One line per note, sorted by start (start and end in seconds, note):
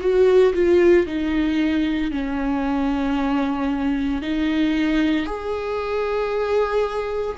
0.00 0.53 F#4
0.54 1.06 F4
1.06 2.11 D#4
2.11 4.22 C#4
4.22 5.26 D#4
5.26 7.36 G#4